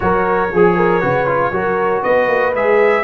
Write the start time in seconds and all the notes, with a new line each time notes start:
0.00 F#3 F#4 A#4 C#5
0.52 F3 G#4
0.76 A#4
1.01 C#3 F#4 B4
1.26 F4
1.51 F#3 F#4 A#4
2.02 B3 B4 D#5
2.28 A#3
2.54 G#3 G#4 E5